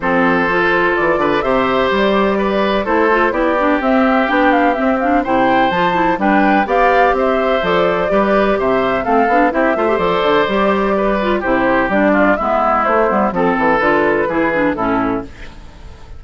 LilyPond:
<<
  \new Staff \with { instrumentName = "flute" } { \time 4/4 \tempo 4 = 126 c''2 d''4 e''4 | d''2 c''4 d''4 | e''4 g''8 f''8 e''8 f''8 g''4 | a''4 g''4 f''4 e''4 |
d''2 e''4 f''4 | e''4 d''2. | c''4 d''4 e''4 c''4 | a'4 b'2 a'4 | }
  \new Staff \with { instrumentName = "oboe" } { \time 4/4 a'2~ a'8 b'8 c''4~ | c''4 b'4 a'4 g'4~ | g'2. c''4~ | c''4 b'4 d''4 c''4~ |
c''4 b'4 c''4 a'4 | g'8 c''2~ c''8 b'4 | g'4. f'8 e'2 | a'2 gis'4 e'4 | }
  \new Staff \with { instrumentName = "clarinet" } { \time 4/4 c'4 f'2 g'4~ | g'2 e'8 f'8 e'8 d'8 | c'4 d'4 c'8 d'8 e'4 | f'8 e'8 d'4 g'2 |
a'4 g'2 c'8 d'8 | e'8 f'16 g'16 a'4 g'4. f'8 | e'4 d'4 b4 a8 b8 | c'4 f'4 e'8 d'8 cis'4 | }
  \new Staff \with { instrumentName = "bassoon" } { \time 4/4 f2 e8 d8 c4 | g2 a4 b4 | c'4 b4 c'4 c4 | f4 g4 b4 c'4 |
f4 g4 c4 a8 b8 | c'8 a8 f8 d8 g2 | c4 g4 gis4 a8 g8 | f8 e8 d4 e4 a,4 | }
>>